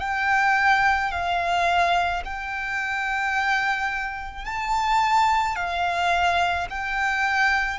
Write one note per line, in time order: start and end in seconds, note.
0.00 1.11 G5
1.11 2.22 F5
2.24 4.45 G5
4.45 5.56 A5
5.56 6.67 F5
6.70 7.78 G5